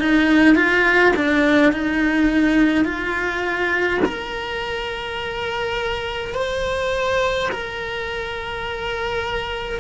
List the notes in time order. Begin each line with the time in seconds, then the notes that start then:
0.00 D#4
0.56 F4
1.16 D4
1.73 D#4
2.85 F4
4.05 A#4
6.35 C5
7.52 A#4